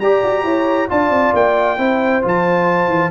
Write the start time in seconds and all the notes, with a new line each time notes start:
0.00 G4 D5 A#5
0.24 F#4
0.44 E4 C#5
0.89 D4 F4 D5 A5
1.10 C4
1.34 A#3 G5
1.78 C4 E4 C5
2.22 F3 F4 A5
2.87 E3